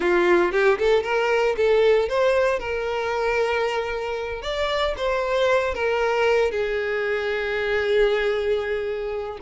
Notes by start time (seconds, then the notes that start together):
0.00 F4
0.52 G4
0.78 A4
1.03 A#4
1.57 A4
2.08 C5
2.59 A#4
4.42 D5
4.97 C5
5.74 A#4
6.51 G#4